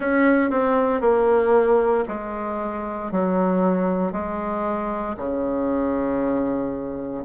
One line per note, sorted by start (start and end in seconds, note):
0.00 0.50 C#4
0.50 1.01 C4
1.01 2.04 A#3
2.08 3.11 G#3
3.11 4.12 F#3
4.12 5.15 G#3
5.17 7.24 C#3